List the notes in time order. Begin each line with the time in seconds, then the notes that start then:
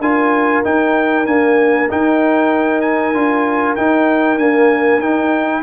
0.00 D4 F4 A#4 G#5
0.64 D#4 G5
1.26 A#3 D4 G#5
1.90 D#4 G5
2.81 G#5
3.14 D4 F4
3.76 D#4 G5
4.37 A#3 D4 G#5
4.99 D#4 G5